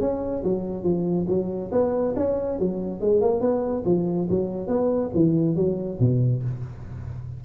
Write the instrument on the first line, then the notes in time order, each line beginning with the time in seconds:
tuba
0.00 C#4
0.44 F#3
0.83 F3
1.28 F#3
1.72 B3
2.16 C#4
2.59 F#3
3.00 G#3
3.21 A#3
3.40 B3
3.85 F3
4.30 F#3
4.67 B3
5.14 E3
5.56 F#3
6.00 B2